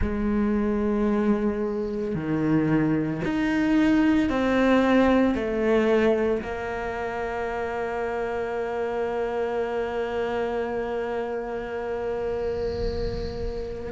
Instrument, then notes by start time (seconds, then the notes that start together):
cello
0.01 G#3
2.14 D#3
3.24 D#4
4.29 C4
5.34 A3
6.42 A#3